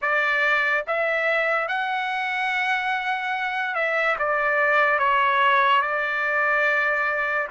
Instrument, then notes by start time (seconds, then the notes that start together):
trumpet
0.01 D5
0.87 E5
1.68 F#5
3.74 E5
4.19 D5
4.98 C#5
5.81 D5